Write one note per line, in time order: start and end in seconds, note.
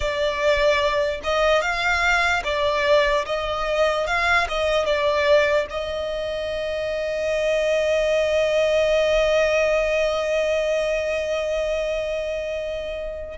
0.00 1.20 D5
1.23 1.61 D#5
1.61 2.43 F5
2.44 3.25 D5
3.25 4.06 D#5
4.06 4.47 F5
4.48 4.85 D#5
4.85 5.66 D5
5.69 13.37 D#5